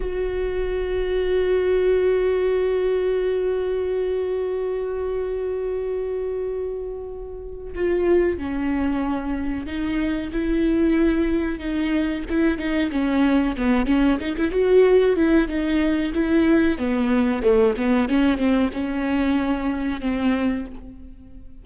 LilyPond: \new Staff \with { instrumentName = "viola" } { \time 4/4 \tempo 4 = 93 fis'1~ | fis'1~ | fis'1 | f'4 cis'2 dis'4 |
e'2 dis'4 e'8 dis'8 | cis'4 b8 cis'8 dis'16 e'16 fis'4 e'8 | dis'4 e'4 b4 a8 b8 | cis'8 c'8 cis'2 c'4 | }